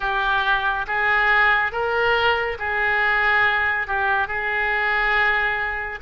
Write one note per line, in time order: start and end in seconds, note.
0.00 0.86 G4
0.87 1.71 G#4
1.71 2.57 A#4
2.58 3.87 G#4
3.87 4.27 G4
4.27 5.99 G#4